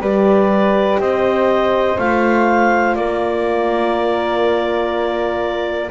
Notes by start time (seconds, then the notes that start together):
0.00 G3 G4 B4 D5
0.99 C4 C5 D#5
1.98 A3 F4 F5
2.95 A#3 A#4 D5